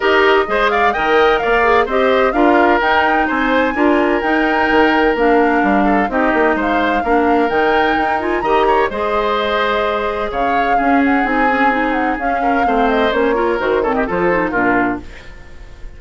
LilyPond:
<<
  \new Staff \with { instrumentName = "flute" } { \time 4/4 \tempo 4 = 128 dis''4. f''8 g''4 f''4 | dis''4 f''4 g''4 gis''4~ | gis''4 g''2 f''4~ | f''4 dis''4 f''2 |
g''4. gis''8 ais''4 dis''4~ | dis''2 f''4. fis''8 | gis''4. fis''8 f''4. dis''8 | cis''4 c''8 cis''16 dis''16 c''4 ais'4 | }
  \new Staff \with { instrumentName = "oboe" } { \time 4/4 ais'4 c''8 d''8 dis''4 d''4 | c''4 ais'2 c''4 | ais'1~ | ais'8 a'8 g'4 c''4 ais'4~ |
ais'2 dis''8 cis''8 c''4~ | c''2 cis''4 gis'4~ | gis'2~ gis'8 ais'8 c''4~ | c''8 ais'4 a'16 g'16 a'4 f'4 | }
  \new Staff \with { instrumentName = "clarinet" } { \time 4/4 g'4 gis'4 ais'4. gis'8 | g'4 f'4 dis'2 | f'4 dis'2 d'4~ | d'4 dis'2 d'4 |
dis'4. f'8 g'4 gis'4~ | gis'2. cis'4 | dis'8 cis'8 dis'4 cis'4 c'4 | cis'8 f'8 fis'8 c'8 f'8 dis'8 d'4 | }
  \new Staff \with { instrumentName = "bassoon" } { \time 4/4 dis'4 gis4 dis4 ais4 | c'4 d'4 dis'4 c'4 | d'4 dis'4 dis4 ais4 | g4 c'8 ais8 gis4 ais4 |
dis4 dis'4 dis4 gis4~ | gis2 cis4 cis'4 | c'2 cis'4 a4 | ais4 dis4 f4 ais,4 | }
>>